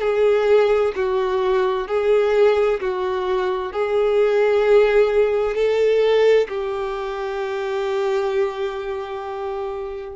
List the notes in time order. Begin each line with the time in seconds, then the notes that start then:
0.00 G#4
0.95 F#4
1.87 G#4
2.80 F#4
3.72 G#4
5.55 A4
6.48 G4